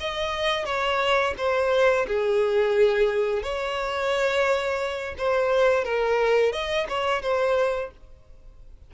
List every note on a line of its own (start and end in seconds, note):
0.00 0.65 D#5
0.65 1.34 C#5
1.37 2.06 C5
2.07 3.43 G#4
3.43 5.15 C#5
5.18 5.84 C5
5.84 6.52 A#4
6.52 6.87 D#5
6.89 7.22 C#5
7.22 7.91 C5